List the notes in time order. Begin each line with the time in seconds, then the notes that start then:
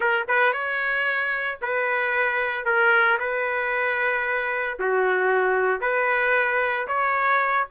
0.00 A#4
0.28 B4
0.52 C#5
1.61 B4
2.65 A#4
3.19 B4
4.79 F#4
5.80 B4
6.87 C#5